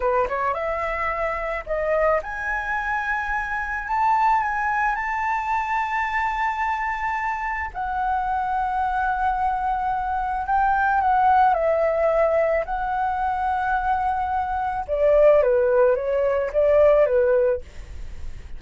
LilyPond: \new Staff \with { instrumentName = "flute" } { \time 4/4 \tempo 4 = 109 b'8 cis''8 e''2 dis''4 | gis''2. a''4 | gis''4 a''2.~ | a''2 fis''2~ |
fis''2. g''4 | fis''4 e''2 fis''4~ | fis''2. d''4 | b'4 cis''4 d''4 b'4 | }